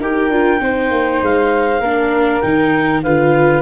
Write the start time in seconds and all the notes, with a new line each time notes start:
0.00 D#4 G4 A#4 G5
0.30 D4 F4
0.59 C4 D#4 C5
0.91 A#3
1.22 G#3 F5
1.81 A#3 D4 A#4
2.41 D#3 D#4 G5
3.03 D3 F4 B4 F5